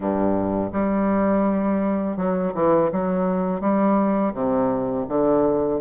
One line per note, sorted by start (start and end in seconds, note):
0.00 0.71 G2
0.72 2.16 G3
2.16 2.52 F#3
2.54 2.90 E3
2.91 3.60 F#3
3.60 4.33 G3
4.33 5.05 C3
5.08 5.80 D3